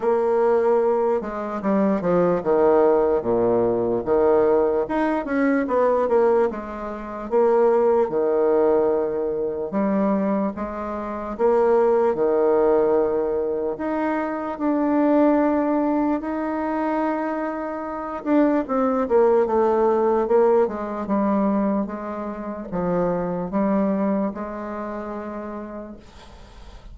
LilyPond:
\new Staff \with { instrumentName = "bassoon" } { \time 4/4 \tempo 4 = 74 ais4. gis8 g8 f8 dis4 | ais,4 dis4 dis'8 cis'8 b8 ais8 | gis4 ais4 dis2 | g4 gis4 ais4 dis4~ |
dis4 dis'4 d'2 | dis'2~ dis'8 d'8 c'8 ais8 | a4 ais8 gis8 g4 gis4 | f4 g4 gis2 | }